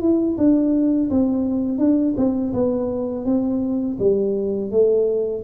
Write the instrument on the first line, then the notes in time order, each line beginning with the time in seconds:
tuba
0.00 E4
0.37 D4
1.10 C4
1.78 D4
2.17 C4
2.53 B3
3.24 C4
3.99 G3
4.71 A3